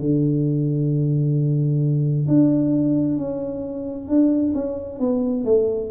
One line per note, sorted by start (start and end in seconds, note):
0.00 2.27 D3
2.29 3.18 D4
3.18 4.09 C#4
4.09 4.54 D4
4.55 5.00 C#4
5.00 5.45 B3
5.45 5.90 A3